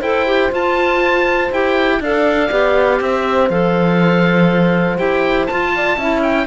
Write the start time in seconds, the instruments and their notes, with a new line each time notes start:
0.00 cello E4, clarinet A4, horn C5, oboe G5
0.27 clarinet G4
0.51 clarinet F4, cello F4, oboe A5
1.52 cello E4, clarinet G4, oboe G5
2.00 cello D4, clarinet A4, horn D5, oboe F5
2.51 cello B3, clarinet G4
3.01 cello C4, horn C5, oboe E5
3.50 cello F3, clarinet A4, oboe F5
4.98 cello E4, clarinet G4, oboe G5
5.47 clarinet F4, cello F4, oboe A5
5.76 horn D5
5.98 cello C#4, clarinet E4, horn E5
6.23 oboe G5